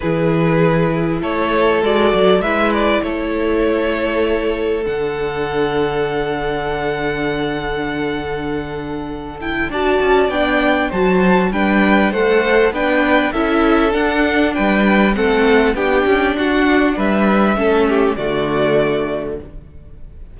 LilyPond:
<<
  \new Staff \with { instrumentName = "violin" } { \time 4/4 \tempo 4 = 99 b'2 cis''4 d''4 | e''8 d''8 cis''2. | fis''1~ | fis''2.~ fis''8 g''8 |
a''4 g''4 a''4 g''4 | fis''4 g''4 e''4 fis''4 | g''4 fis''4 g''4 fis''4 | e''2 d''2 | }
  \new Staff \with { instrumentName = "violin" } { \time 4/4 gis'2 a'2 | b'4 a'2.~ | a'1~ | a'1 |
d''2 c''4 b'4 | c''4 b'4 a'2 | b'4 a'4 g'4 fis'4 | b'4 a'8 g'8 fis'2 | }
  \new Staff \with { instrumentName = "viola" } { \time 4/4 e'2. fis'4 | e'1 | d'1~ | d'2.~ d'8 e'8 |
fis'4 d'4 fis'4 d'4 | a'4 d'4 e'4 d'4~ | d'4 c'4 d'2~ | d'4 cis'4 a2 | }
  \new Staff \with { instrumentName = "cello" } { \time 4/4 e2 a4 gis8 fis8 | gis4 a2. | d1~ | d1 |
d'8 cis'8 b4 fis4 g4 | a4 b4 cis'4 d'4 | g4 a4 b8 cis'8 d'4 | g4 a4 d2 | }
>>